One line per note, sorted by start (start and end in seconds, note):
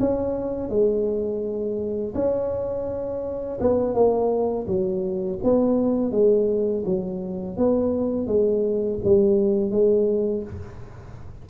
0.00 0.69 C#4
0.69 2.14 G#3
2.15 3.59 C#4
3.61 3.95 B3
3.95 4.67 A#3
4.67 5.39 F#3
5.44 6.12 B3
6.12 6.84 G#3
6.85 7.57 F#3
7.57 8.27 B3
8.27 8.99 G#3
9.05 9.71 G3
9.71 10.44 G#3